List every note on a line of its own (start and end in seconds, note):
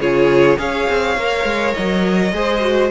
0.00 0.58 C#3
0.00 0.58 F4
0.00 0.59 G#4
0.00 0.59 C#5
0.58 0.89 C#4
0.58 1.16 G#4
0.58 2.34 C#5
0.58 1.74 F5
0.90 1.18 C4
1.18 1.45 A#3
1.18 2.34 A#4
1.45 1.74 G#3
1.74 2.33 F#3
1.74 2.91 D#5
2.33 2.91 G#3
2.33 2.62 G#4
2.33 2.91 C5
2.62 2.91 F#4